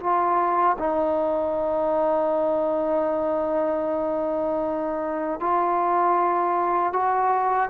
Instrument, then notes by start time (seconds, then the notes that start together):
trombone
0.00 F4
0.78 D#4
5.40 F4
6.93 F#4